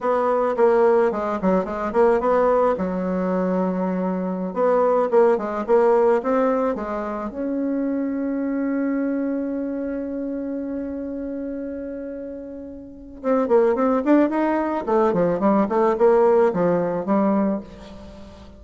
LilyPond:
\new Staff \with { instrumentName = "bassoon" } { \time 4/4 \tempo 4 = 109 b4 ais4 gis8 fis8 gis8 ais8 | b4 fis2.~ | fis16 b4 ais8 gis8 ais4 c'8.~ | c'16 gis4 cis'2~ cis'8.~ |
cis'1~ | cis'1 | c'8 ais8 c'8 d'8 dis'4 a8 f8 | g8 a8 ais4 f4 g4 | }